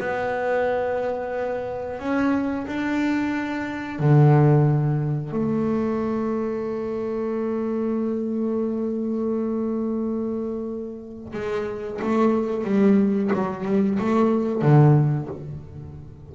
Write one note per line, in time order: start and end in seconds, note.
0.00 1.99 B3
1.99 2.66 C#4
2.67 3.99 D4
3.99 5.32 D3
5.32 11.32 A3
11.33 12.00 G#3
12.02 12.64 A3
12.64 13.31 G3
13.33 13.65 F#3
13.65 13.98 G3
13.99 14.62 A3
14.62 15.28 D3